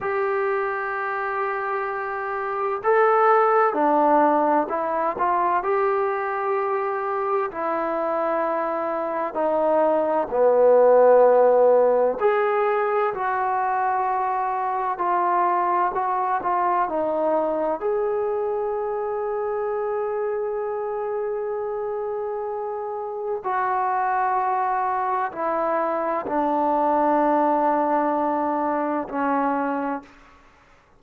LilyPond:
\new Staff \with { instrumentName = "trombone" } { \time 4/4 \tempo 4 = 64 g'2. a'4 | d'4 e'8 f'8 g'2 | e'2 dis'4 b4~ | b4 gis'4 fis'2 |
f'4 fis'8 f'8 dis'4 gis'4~ | gis'1~ | gis'4 fis'2 e'4 | d'2. cis'4 | }